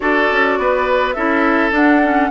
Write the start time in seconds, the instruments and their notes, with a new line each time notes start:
0.00 bassoon D4, clarinet F#4, oboe A4, flute D5
0.31 bassoon C#4
0.58 bassoon B3, oboe B4
1.13 bassoon C#4, clarinet E4, oboe A4, flute E5
1.71 clarinet D4, bassoon D4, flute F#5
2.02 clarinet C#4